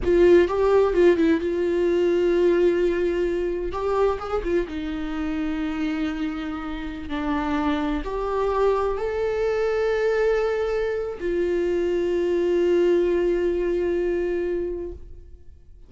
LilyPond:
\new Staff \with { instrumentName = "viola" } { \time 4/4 \tempo 4 = 129 f'4 g'4 f'8 e'8 f'4~ | f'1 | g'4 gis'8 f'8 dis'2~ | dis'2.~ dis'16 d'8.~ |
d'4~ d'16 g'2 a'8.~ | a'1 | f'1~ | f'1 | }